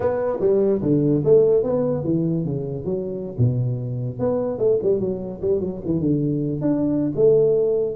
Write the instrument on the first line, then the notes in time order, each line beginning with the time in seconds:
tuba
0.00 B3
0.40 G3
0.81 D3
1.24 A3
1.63 B3
2.04 E3
2.44 C#3
2.84 F#3
3.37 B2
4.19 B3
4.58 A3
4.82 G3
4.99 F#3
5.41 G3
5.60 F#3
5.85 E3
5.99 D3
6.61 D4
7.15 A3